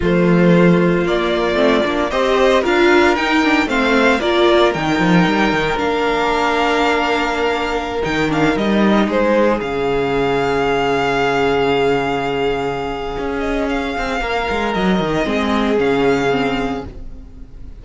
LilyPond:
<<
  \new Staff \with { instrumentName = "violin" } { \time 4/4 \tempo 4 = 114 c''2 d''2 | dis''4 f''4 g''4 f''4 | d''4 g''2 f''4~ | f''2.~ f''16 g''8 f''16~ |
f''16 dis''4 c''4 f''4.~ f''16~ | f''1~ | f''4. dis''8 f''2 | dis''2 f''2 | }
  \new Staff \with { instrumentName = "violin" } { \time 4/4 f'1 | c''4 ais'2 c''4 | ais'1~ | ais'1~ |
ais'4~ ais'16 gis'2~ gis'8.~ | gis'1~ | gis'2. ais'4~ | ais'4 gis'2. | }
  \new Staff \with { instrumentName = "viola" } { \time 4/4 a2 ais4 c'8 d'8 | g'4 f'4 dis'8 d'8 c'4 | f'4 dis'2 d'4~ | d'2.~ d'16 dis'8 d'16~ |
d'16 dis'2 cis'4.~ cis'16~ | cis'1~ | cis'1~ | cis'4 c'4 cis'4 c'4 | }
  \new Staff \with { instrumentName = "cello" } { \time 4/4 f2 ais4 a8 ais8 | c'4 d'4 dis'4 a4 | ais4 dis8 f8 g8 dis8 ais4~ | ais2.~ ais16 dis8.~ |
dis16 g4 gis4 cis4.~ cis16~ | cis1~ | cis4 cis'4. c'8 ais8 gis8 | fis8 dis8 gis4 cis2 | }
>>